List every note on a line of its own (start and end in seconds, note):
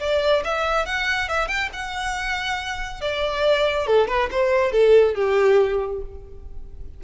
0.00 0.43 D5
0.44 0.86 E5
0.86 1.29 F#5
1.29 1.48 E5
1.48 1.70 G5
1.73 3.01 F#5
3.01 3.87 D5
3.87 4.08 A4
4.08 4.29 B4
4.31 4.72 C5
4.72 5.15 A4
5.15 6.02 G4